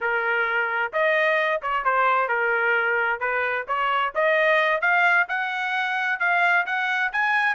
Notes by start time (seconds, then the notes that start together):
0.00 A#4
0.92 D#5
1.62 C#5
1.84 C5
2.28 A#4
3.20 B4
3.67 C#5
4.15 D#5
4.81 F5
5.28 F#5
6.19 F5
6.66 F#5
7.12 G#5